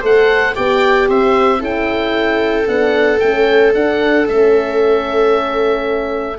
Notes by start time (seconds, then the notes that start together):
0.00 A3 A4 C5 F#5
0.55 B3 G4 D5 G5
1.08 C4 C5 E5
1.59 C#4 E4 A4 G5
2.67 B3 D4 F#5
3.19 A3 C#4 G5
3.74 D4 F#5
4.26 A3 C#4 E5